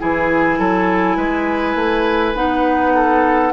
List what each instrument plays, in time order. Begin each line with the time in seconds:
0.00 bassoon E3, clarinet E4, oboe G#4, flute G#5
0.59 bassoon F#3, oboe A4
1.17 bassoon G#3, oboe B4
1.75 bassoon A3
2.35 bassoon B3, clarinet D#4, flute F#5
2.95 oboe A4